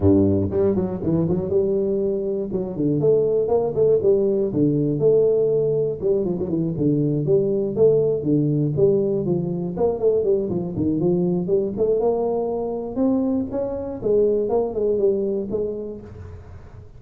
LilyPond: \new Staff \with { instrumentName = "tuba" } { \time 4/4 \tempo 4 = 120 g,4 g8 fis8 e8 fis8 g4~ | g4 fis8 d8 a4 ais8 a8 | g4 d4 a2 | g8 f16 fis16 e8 d4 g4 a8~ |
a8 d4 g4 f4 ais8 | a8 g8 f8 dis8 f4 g8 a8 | ais2 c'4 cis'4 | gis4 ais8 gis8 g4 gis4 | }